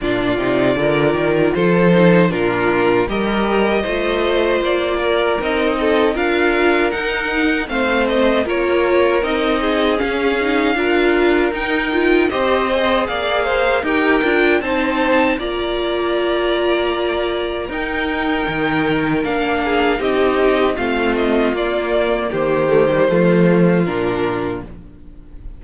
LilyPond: <<
  \new Staff \with { instrumentName = "violin" } { \time 4/4 \tempo 4 = 78 d''2 c''4 ais'4 | dis''2 d''4 dis''4 | f''4 fis''4 f''8 dis''8 cis''4 | dis''4 f''2 g''4 |
dis''4 f''4 g''4 a''4 | ais''2. g''4~ | g''4 f''4 dis''4 f''8 dis''8 | d''4 c''2 ais'4 | }
  \new Staff \with { instrumentName = "violin" } { \time 4/4 f'4 ais'4 a'4 f'4 | ais'4 c''4. ais'4 a'8 | ais'2 c''4 ais'4~ | ais'8 gis'4. ais'2 |
c''4 d''8 c''8 ais'4 c''4 | d''2. ais'4~ | ais'4. gis'8 g'4 f'4~ | f'4 g'4 f'2 | }
  \new Staff \with { instrumentName = "viola" } { \time 4/4 d'8 dis'8 f'4. dis'8 d'4 | g'4 f'2 dis'4 | f'4 dis'4 c'4 f'4 | dis'4 cis'8 dis'8 f'4 dis'8 f'8 |
g'8 gis'4. g'8 f'8 dis'4 | f'2. dis'4~ | dis'4 d'4 dis'4 c'4 | ais4. a16 g16 a4 d'4 | }
  \new Staff \with { instrumentName = "cello" } { \time 4/4 ais,8 c8 d8 dis8 f4 ais,4 | g4 a4 ais4 c'4 | d'4 dis'4 a4 ais4 | c'4 cis'4 d'4 dis'4 |
c'4 ais4 dis'8 d'8 c'4 | ais2. dis'4 | dis4 ais4 c'4 a4 | ais4 dis4 f4 ais,4 | }
>>